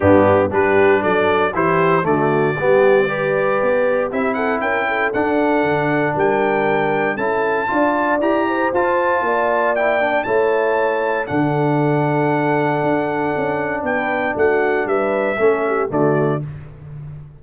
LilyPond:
<<
  \new Staff \with { instrumentName = "trumpet" } { \time 4/4 \tempo 4 = 117 g'4 b'4 d''4 c''4 | d''1 | e''8 fis''8 g''4 fis''2 | g''2 a''2 |
ais''4 a''2 g''4 | a''2 fis''2~ | fis''2. g''4 | fis''4 e''2 d''4 | }
  \new Staff \with { instrumentName = "horn" } { \time 4/4 d'4 g'4 a'4 g'4 | fis'4 g'4 b'2 | g'8 a'8 ais'8 a'2~ a'8 | ais'2 a'4 d''4~ |
d''8 c''4. d''2 | cis''2 a'2~ | a'2. b'4 | fis'4 b'4 a'8 g'8 fis'4 | }
  \new Staff \with { instrumentName = "trombone" } { \time 4/4 b4 d'2 e'4 | a4 b4 g'2 | e'2 d'2~ | d'2 e'4 f'4 |
g'4 f'2 e'8 d'8 | e'2 d'2~ | d'1~ | d'2 cis'4 a4 | }
  \new Staff \with { instrumentName = "tuba" } { \time 4/4 g,4 g4 fis4 e4 | d4 g2 b4 | c'4 cis'4 d'4 d4 | g2 cis'4 d'4 |
e'4 f'4 ais2 | a2 d2~ | d4 d'4 cis'4 b4 | a4 g4 a4 d4 | }
>>